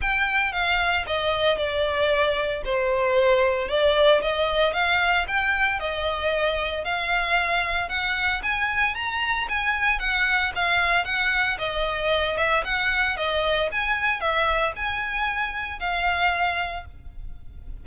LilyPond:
\new Staff \with { instrumentName = "violin" } { \time 4/4 \tempo 4 = 114 g''4 f''4 dis''4 d''4~ | d''4 c''2 d''4 | dis''4 f''4 g''4 dis''4~ | dis''4 f''2 fis''4 |
gis''4 ais''4 gis''4 fis''4 | f''4 fis''4 dis''4. e''8 | fis''4 dis''4 gis''4 e''4 | gis''2 f''2 | }